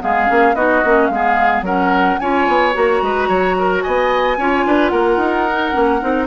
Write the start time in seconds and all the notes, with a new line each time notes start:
0.00 G#3 B3 G#4 F5
0.26 A#3 C#4
0.54 B3 D#4 F#4 D#5
0.84 A#3 C#4
1.07 G#3 B3 F5
1.14 G#4
1.62 F#3 C#4 A#4 F#5
2.19 C#4 F4 C#5 G#5
2.48 B3
2.73 A#3 F#4 A#5
3.02 G#3 B4
3.28 F#3 C#5
3.59 A#4
3.82 B3 D#5 G#5
4.37 C#4 F4 C#5
4.66 D4 B4
4.89 A#3 A#4 F#5
5.16 D#4
5.50 D#4
5.72 A#3 C#4
6.00 C4 D#4